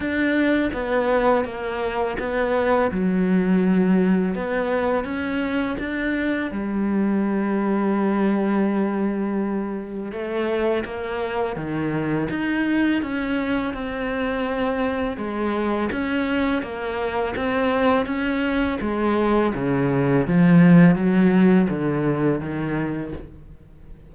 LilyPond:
\new Staff \with { instrumentName = "cello" } { \time 4/4 \tempo 4 = 83 d'4 b4 ais4 b4 | fis2 b4 cis'4 | d'4 g2.~ | g2 a4 ais4 |
dis4 dis'4 cis'4 c'4~ | c'4 gis4 cis'4 ais4 | c'4 cis'4 gis4 cis4 | f4 fis4 d4 dis4 | }